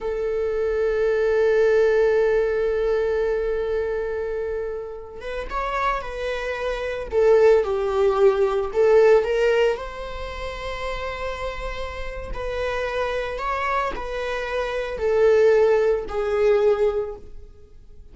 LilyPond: \new Staff \with { instrumentName = "viola" } { \time 4/4 \tempo 4 = 112 a'1~ | a'1~ | a'4.~ a'16 b'8 cis''4 b'8.~ | b'4~ b'16 a'4 g'4.~ g'16~ |
g'16 a'4 ais'4 c''4.~ c''16~ | c''2. b'4~ | b'4 cis''4 b'2 | a'2 gis'2 | }